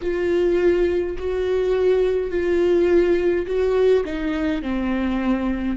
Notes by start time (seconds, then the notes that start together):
0.01 F4
1.18 F#4
2.30 F4
3.46 F#4
4.04 D#4
4.62 C4